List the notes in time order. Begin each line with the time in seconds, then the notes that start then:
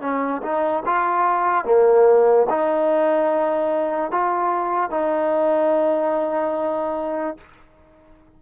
0.00 C#4
0.42 D#4
0.85 F4
1.64 A#3
2.49 D#4
4.11 F4
4.90 D#4